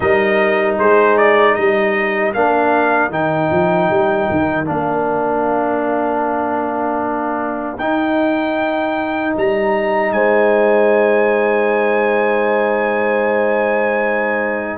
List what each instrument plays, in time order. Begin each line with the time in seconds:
0.00 tuba G3, trombone D#4, horn A#4, trumpet D#5
0.78 tuba G#3, horn G#4, trumpet C5
1.17 trumpet D5
1.54 tuba G3, horn A#4, trumpet D#5
2.33 tuba A#3, trombone D4, trumpet F5
3.10 tuba D#3, trombone D#4, trumpet G5
3.50 tuba F3
3.89 tuba G3
4.30 tuba D#3
4.65 tuba A#3, trombone D4, trumpet F5
7.78 tuba D#4, trombone D#4, trumpet G5
9.36 tuba G3, trumpet A#5
10.11 tuba G#3, horn C5, trumpet G#5